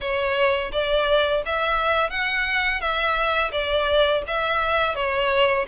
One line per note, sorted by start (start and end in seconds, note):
0.00 0.71 C#5
0.72 1.42 D5
1.45 2.10 E5
2.10 2.80 F#5
2.80 3.51 E5
3.51 4.22 D5
4.27 4.95 E5
4.95 5.65 C#5